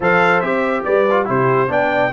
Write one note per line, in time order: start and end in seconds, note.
0.00 0.41 F3
0.00 0.43 A4
0.00 0.83 C5
0.00 0.40 F5
0.40 0.84 C4
0.40 1.06 G4
0.40 0.82 E5
0.84 1.29 G3
0.84 1.26 B4
0.84 1.27 D5
1.10 1.25 F4
1.25 1.69 C3
1.25 1.68 E4
1.25 1.69 G4
1.25 1.72 C5
1.68 2.12 B3
1.68 2.11 D4
1.68 2.12 D5
1.68 2.13 G5